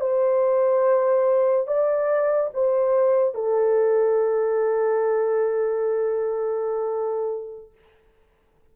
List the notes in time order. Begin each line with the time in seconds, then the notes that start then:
0.00 C5
1.67 D5
2.53 C5
3.34 A4